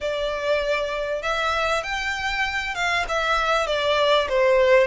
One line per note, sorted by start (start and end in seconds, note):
0.00 1.22 D5
1.22 1.83 E5
1.83 2.74 G5
2.74 3.05 F5
3.08 3.66 E5
3.66 4.27 D5
4.28 4.87 C5